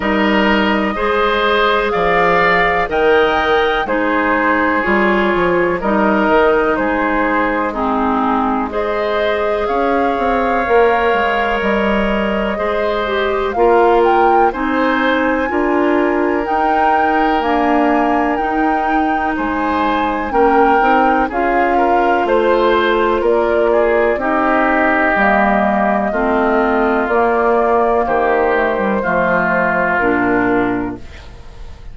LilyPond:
<<
  \new Staff \with { instrumentName = "flute" } { \time 4/4 \tempo 4 = 62 dis''2 f''4 g''4 | c''4 cis''4 dis''4 c''4 | gis'4 dis''4 f''2 | dis''2 f''8 g''8 gis''4~ |
gis''4 g''4 gis''4 g''4 | gis''4 g''4 f''4 c''4 | d''4 dis''2. | d''4 c''2 ais'4 | }
  \new Staff \with { instrumentName = "oboe" } { \time 4/4 ais'4 c''4 d''4 dis''4 | gis'2 ais'4 gis'4 | dis'4 c''4 cis''2~ | cis''4 c''4 ais'4 c''4 |
ais'1 | c''4 ais'4 gis'8 ais'8 c''4 | ais'8 gis'8 g'2 f'4~ | f'4 g'4 f'2 | }
  \new Staff \with { instrumentName = "clarinet" } { \time 4/4 dis'4 gis'2 ais'4 | dis'4 f'4 dis'2 | c'4 gis'2 ais'4~ | ais'4 gis'8 g'8 f'4 dis'4 |
f'4 dis'4 ais4 dis'4~ | dis'4 cis'8 dis'8 f'2~ | f'4 dis'4 ais4 c'4 | ais4. a16 g16 a4 d'4 | }
  \new Staff \with { instrumentName = "bassoon" } { \time 4/4 g4 gis4 f4 dis4 | gis4 g8 f8 g8 dis8 gis4~ | gis2 cis'8 c'8 ais8 gis8 | g4 gis4 ais4 c'4 |
d'4 dis'4 d'4 dis'4 | gis4 ais8 c'8 cis'4 a4 | ais4 c'4 g4 a4 | ais4 dis4 f4 ais,4 | }
>>